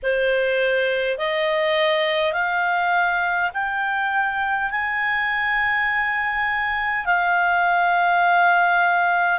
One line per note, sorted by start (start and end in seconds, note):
0.02 1.18 C5
1.18 2.33 D#5
2.33 3.50 F5
3.53 4.71 G5
4.71 7.05 G#5
7.05 9.39 F5